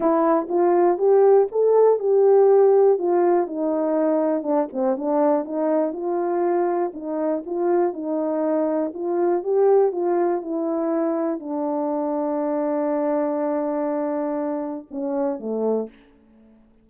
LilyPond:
\new Staff \with { instrumentName = "horn" } { \time 4/4 \tempo 4 = 121 e'4 f'4 g'4 a'4 | g'2 f'4 dis'4~ | dis'4 d'8 c'8 d'4 dis'4 | f'2 dis'4 f'4 |
dis'2 f'4 g'4 | f'4 e'2 d'4~ | d'1~ | d'2 cis'4 a4 | }